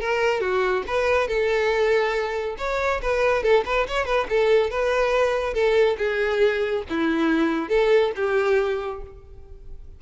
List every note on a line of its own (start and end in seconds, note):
0.00 0.40 A#4
0.40 0.83 F#4
0.86 1.27 B4
1.27 2.56 A4
2.58 3.00 C#5
3.01 3.42 B4
3.42 3.64 A4
3.65 3.86 B4
3.87 4.05 C#5
4.05 4.26 B4
4.29 4.70 A4
4.70 5.53 B4
5.53 5.96 A4
5.97 6.83 G#4
6.89 7.69 E4
7.69 8.12 A4
8.15 9.01 G4